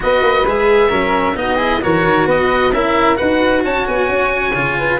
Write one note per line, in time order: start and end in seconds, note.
0.00 0.21 B3
0.00 0.44 F#4
0.00 0.89 B4
0.00 0.47 D#5
0.21 0.44 A#3
0.46 0.91 G#3
0.46 0.89 G#4
0.46 1.37 E5
0.89 1.35 F#3
0.89 1.34 C#4
0.89 1.34 A#4
1.35 1.80 B3
1.35 1.58 D#4
1.35 1.56 F#4
1.35 1.82 D#5
1.56 1.81 E4
1.56 1.79 G#4
1.81 2.04 E3
1.81 2.72 F#4
1.81 2.27 A#4
1.81 2.28 C#5
2.04 2.26 D#3
2.26 2.72 B3
2.26 2.72 B4
2.26 2.73 D#5
2.72 3.17 C#4
2.72 3.15 E4
2.72 3.17 A#4
2.72 3.16 E5
3.15 3.64 D#4
3.15 4.51 F#4
3.15 3.63 B4
3.15 3.62 F#5
3.64 3.87 C#4
3.64 4.77 C#5
3.64 3.87 A5
3.87 4.08 B3
3.87 5.00 G#5
4.08 4.54 C#4
4.54 4.99 C#3
4.54 5.00 F4
4.78 5.00 B4